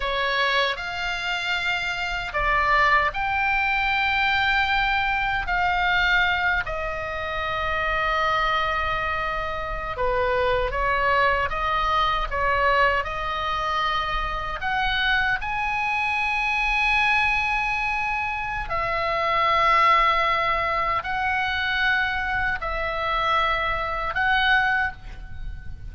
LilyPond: \new Staff \with { instrumentName = "oboe" } { \time 4/4 \tempo 4 = 77 cis''4 f''2 d''4 | g''2. f''4~ | f''8 dis''2.~ dis''8~ | dis''8. b'4 cis''4 dis''4 cis''16~ |
cis''8. dis''2 fis''4 gis''16~ | gis''1 | e''2. fis''4~ | fis''4 e''2 fis''4 | }